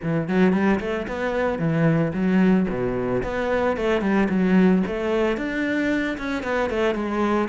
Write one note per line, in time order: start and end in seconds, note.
0.02 0.28 E3
0.28 0.52 F#3
0.52 0.79 G3
0.80 1.07 A3
1.07 1.59 B3
1.59 2.12 E3
2.13 2.66 F#3
2.69 3.22 B2
3.23 3.76 B3
3.76 4.01 A3
4.01 4.28 G3
4.29 4.82 F#3
4.87 5.37 A3
5.37 6.17 D4
6.18 6.43 C#4
6.43 6.69 B3
6.70 6.94 A3
6.94 7.48 G#3